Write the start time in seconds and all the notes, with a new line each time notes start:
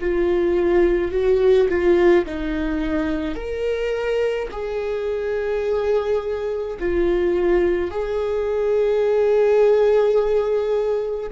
0.00 F4
1.11 F#4
1.68 F4
2.25 D#4
3.35 A#4
4.51 G#4
6.79 F4
7.90 G#4